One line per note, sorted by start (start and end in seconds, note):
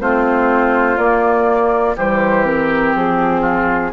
0.00 0.98 A3
0.00 0.96 C4
0.00 1.96 F4
0.00 0.97 C5
0.96 1.95 A#3
0.96 1.96 A#3
0.96 1.96 D5
1.96 2.95 E3
1.96 2.45 G3
1.96 3.41 G4
1.96 2.45 C5
2.45 3.92 C4
2.45 2.95 A#4
2.95 3.93 F3
2.95 3.93 G#4
3.41 3.90 F4